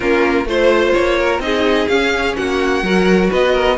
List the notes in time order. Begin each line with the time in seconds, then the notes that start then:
0.00 A#3 C#4 F4 A#4
0.45 A3 F4 C5
0.93 A#3 C#5
1.19 A#4
1.39 C4 D#4 G#4 D#5
1.87 C#4 F5
2.36 A#3 F#4 F#5
2.82 F#3 F#4 A#4
3.30 B3 B4 D#5
3.52 A#4